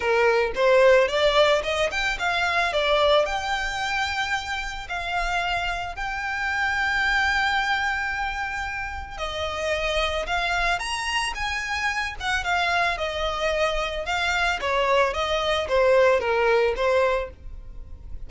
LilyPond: \new Staff \with { instrumentName = "violin" } { \time 4/4 \tempo 4 = 111 ais'4 c''4 d''4 dis''8 g''8 | f''4 d''4 g''2~ | g''4 f''2 g''4~ | g''1~ |
g''4 dis''2 f''4 | ais''4 gis''4. fis''8 f''4 | dis''2 f''4 cis''4 | dis''4 c''4 ais'4 c''4 | }